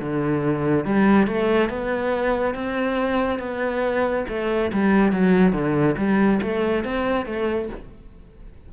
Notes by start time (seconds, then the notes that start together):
0.00 D3
0.85 G3
1.27 A3
1.69 B3
2.54 C4
3.39 B3
4.28 A3
4.72 G3
5.12 F#3
5.52 D3
5.97 G3
6.42 A3
6.84 C4
7.25 A3